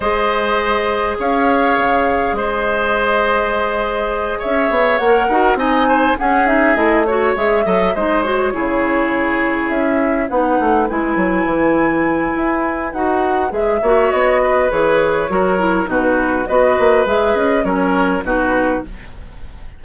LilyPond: <<
  \new Staff \with { instrumentName = "flute" } { \time 4/4 \tempo 4 = 102 dis''2 f''2 | dis''2.~ dis''8 e''8~ | e''8 fis''4 gis''4 fis''8 e''8 dis''8 | cis''8 e''4 dis''8 cis''2~ |
cis''8 e''4 fis''4 gis''4.~ | gis''2 fis''4 e''4 | dis''4 cis''2 b'4 | dis''4 e''8 dis''8 cis''4 b'4 | }
  \new Staff \with { instrumentName = "oboe" } { \time 4/4 c''2 cis''2 | c''2.~ c''8 cis''8~ | cis''4 ais'8 dis''8 c''8 gis'4. | cis''4 dis''8 c''4 gis'4.~ |
gis'4. b'2~ b'8~ | b'2.~ b'8 cis''8~ | cis''8 b'4. ais'4 fis'4 | b'2 ais'4 fis'4 | }
  \new Staff \with { instrumentName = "clarinet" } { \time 4/4 gis'1~ | gis'1~ | gis'8 ais'8 fis'8 dis'4 cis'8 dis'8 e'8 | fis'8 gis'8 a'8 dis'8 fis'8 e'4.~ |
e'4. dis'4 e'4.~ | e'2 fis'4 gis'8 fis'8~ | fis'4 gis'4 fis'8 e'8 dis'4 | fis'4 gis'4 cis'4 dis'4 | }
  \new Staff \with { instrumentName = "bassoon" } { \time 4/4 gis2 cis'4 cis4 | gis2.~ gis8 cis'8 | b8 ais8 dis'8 c'4 cis'4 a8~ | a8 gis8 fis8 gis4 cis4.~ |
cis8 cis'4 b8 a8 gis8 fis8 e8~ | e4 e'4 dis'4 gis8 ais8 | b4 e4 fis4 b,4 | b8 ais8 gis8 cis'8 fis4 b,4 | }
>>